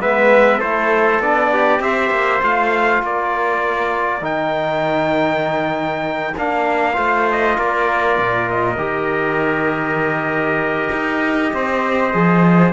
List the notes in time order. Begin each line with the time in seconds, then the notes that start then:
0.00 G#3 B3 B4 E5
0.59 A3 E4 A4 C5
1.19 B3 D4 D5
1.53 G4
1.80 C4 G4 C5 E5
2.10 A#3
2.42 A3 F4 F5
3.02 A#3 A#4 D5
4.21 D#3 D#4 G5
6.37 A#3 D4 F5
6.93 A3 F4 C5
7.31 D#5
7.57 A#3 A#4 D5
8.18 A#2
8.50 D#5
8.77 D#3 G4
10.92 D#4
11.53 C4 C5
12.13 F3 G#4